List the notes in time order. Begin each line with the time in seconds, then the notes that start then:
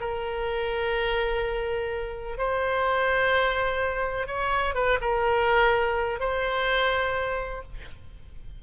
0.00 A#4
2.37 C5
4.27 C#5
4.74 B4
5.01 A#4
6.20 C5